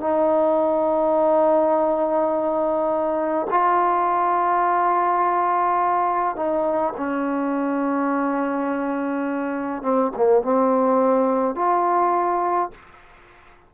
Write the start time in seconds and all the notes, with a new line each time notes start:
0.00 D#4
3.50 F4
6.36 D#4
6.97 C#4
9.82 C4
10.16 A#3
10.42 C4
11.55 F4